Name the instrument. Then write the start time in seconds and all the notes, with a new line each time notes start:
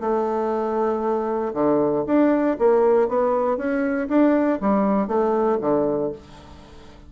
bassoon
0.00 A3
1.53 D3
2.06 D4
2.58 A#3
3.08 B3
3.57 C#4
4.08 D4
4.60 G3
5.07 A3
5.60 D3